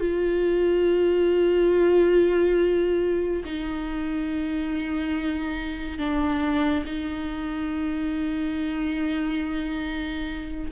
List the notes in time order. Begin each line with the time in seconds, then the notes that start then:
0.00 F4
3.44 D#4
5.98 D4
6.85 D#4